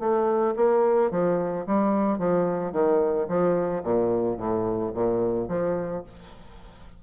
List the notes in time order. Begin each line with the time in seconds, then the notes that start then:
0.00 A3
0.57 A#3
1.11 F3
1.67 G3
2.19 F3
2.73 D#3
3.29 F3
3.84 A#2
4.38 A2
4.95 A#2
5.49 F3